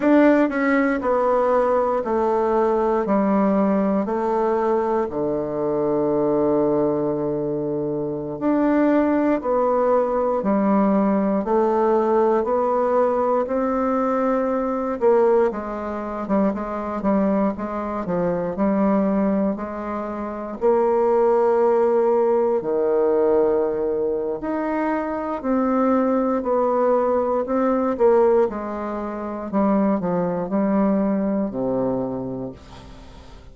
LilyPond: \new Staff \with { instrumentName = "bassoon" } { \time 4/4 \tempo 4 = 59 d'8 cis'8 b4 a4 g4 | a4 d2.~ | d16 d'4 b4 g4 a8.~ | a16 b4 c'4. ais8 gis8. |
g16 gis8 g8 gis8 f8 g4 gis8.~ | gis16 ais2 dis4.~ dis16 | dis'4 c'4 b4 c'8 ais8 | gis4 g8 f8 g4 c4 | }